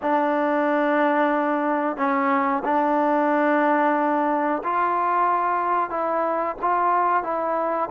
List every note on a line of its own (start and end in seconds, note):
0.01 1.96 D4
1.96 2.62 C#4
2.64 4.62 D4
4.63 5.90 F4
5.90 6.55 E4
6.61 7.23 F4
7.23 7.89 E4